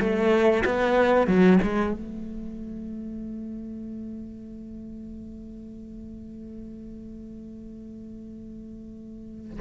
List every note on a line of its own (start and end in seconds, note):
0.00 0.64 A3
0.65 1.27 B3
1.27 1.59 F#3
1.63 1.93 G#3
1.93 9.59 A3